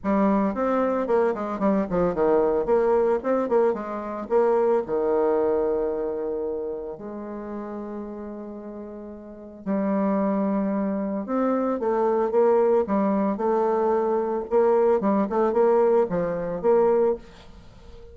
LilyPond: \new Staff \with { instrumentName = "bassoon" } { \time 4/4 \tempo 4 = 112 g4 c'4 ais8 gis8 g8 f8 | dis4 ais4 c'8 ais8 gis4 | ais4 dis2.~ | dis4 gis2.~ |
gis2 g2~ | g4 c'4 a4 ais4 | g4 a2 ais4 | g8 a8 ais4 f4 ais4 | }